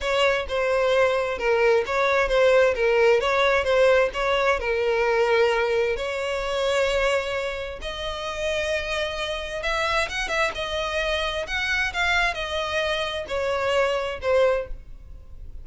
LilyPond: \new Staff \with { instrumentName = "violin" } { \time 4/4 \tempo 4 = 131 cis''4 c''2 ais'4 | cis''4 c''4 ais'4 cis''4 | c''4 cis''4 ais'2~ | ais'4 cis''2.~ |
cis''4 dis''2.~ | dis''4 e''4 fis''8 e''8 dis''4~ | dis''4 fis''4 f''4 dis''4~ | dis''4 cis''2 c''4 | }